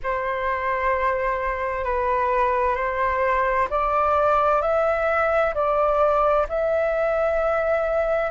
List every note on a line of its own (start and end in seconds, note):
0.03 1.84 C5
1.84 2.75 B4
2.75 3.68 C5
3.69 4.62 D5
4.62 5.54 E5
5.54 6.46 D5
6.48 8.31 E5